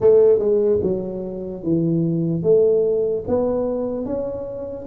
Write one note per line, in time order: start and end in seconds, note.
0.00 0.38 A3
0.38 0.79 G#3
0.82 1.63 F#3
1.63 2.43 E3
2.43 3.24 A3
3.27 4.05 B3
4.05 4.86 C#4